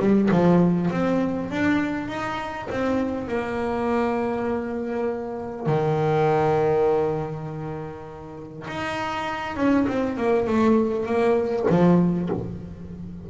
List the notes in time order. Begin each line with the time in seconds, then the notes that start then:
0.00 G3
0.32 F3
0.91 C4
1.51 D4
2.09 D#4
2.71 C4
3.29 A#3
5.67 D#3
8.68 D#4
9.57 C#4
9.88 C4
10.18 A#3
10.48 A3
11.06 A#3
11.70 F3